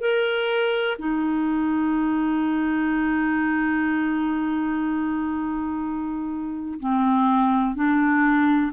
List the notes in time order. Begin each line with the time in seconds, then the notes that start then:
0.00 A#4
0.98 D#4
6.79 C4
7.75 D4